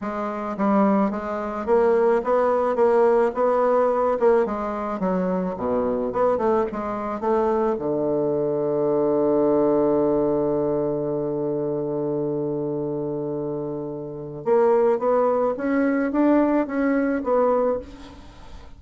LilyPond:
\new Staff \with { instrumentName = "bassoon" } { \time 4/4 \tempo 4 = 108 gis4 g4 gis4 ais4 | b4 ais4 b4. ais8 | gis4 fis4 b,4 b8 a8 | gis4 a4 d2~ |
d1~ | d1~ | d2 ais4 b4 | cis'4 d'4 cis'4 b4 | }